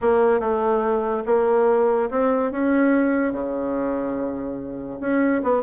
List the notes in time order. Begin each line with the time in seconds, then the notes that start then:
0.01 A#3
0.40 A3
1.26 A#3
2.10 C4
2.51 C#4
3.32 C#3
5.00 C#4
5.42 B3